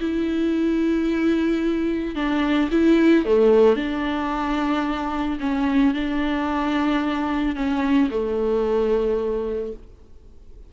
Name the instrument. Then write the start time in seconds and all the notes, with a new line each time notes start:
viola
0.00 E4
2.15 D4
2.71 E4
3.25 A3
3.76 D4
5.40 C#4
5.94 D4
7.56 C#4
8.11 A3